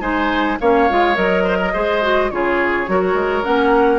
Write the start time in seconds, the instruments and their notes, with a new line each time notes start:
0.00 bassoon G#3, clarinet D#4, oboe C5, flute G#5
0.60 bassoon A#3, clarinet C#4, oboe C#5, flute F5
0.90 bassoon G#3, clarinet F4
1.14 bassoon F#3, clarinet A#4, flute D#5
1.43 oboe C5
1.58 oboe A#4
1.73 bassoon G#3, clarinet G#4, oboe C5
2.02 clarinet F#4
2.30 bassoon C#3, clarinet F4, oboe G#4, flute C#5
2.87 bassoon F#3, clarinet F#4, oboe A#4
3.14 bassoon G#3
3.43 bassoon A#3, clarinet C#4, flute F#5